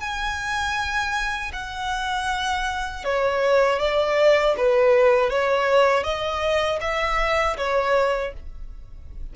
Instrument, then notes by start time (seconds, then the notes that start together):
violin
0.00 G#5
1.53 F#5
3.05 C#5
3.79 D5
4.57 B4
5.30 C#5
6.04 D#5
6.81 E5
7.57 C#5